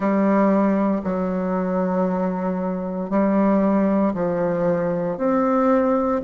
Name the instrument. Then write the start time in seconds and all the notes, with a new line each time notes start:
bassoon
0.00 G3
1.03 F#3
3.10 G3
4.14 F3
5.17 C4